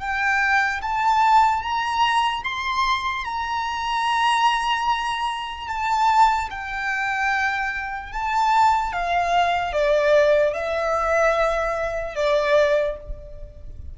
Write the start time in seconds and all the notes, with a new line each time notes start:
0.00 G5
0.82 A5
1.63 A#5
2.44 C6
3.25 A#5
5.68 A5
6.51 G5
8.13 A5
8.93 F5
9.73 D5
10.54 E5
12.16 D5